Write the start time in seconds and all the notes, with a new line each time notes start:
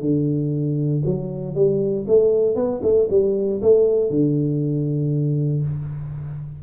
0.00 D3
1.05 F#3
1.54 G3
2.07 A3
2.55 B3
2.82 A3
3.09 G3
3.61 A3
4.10 D3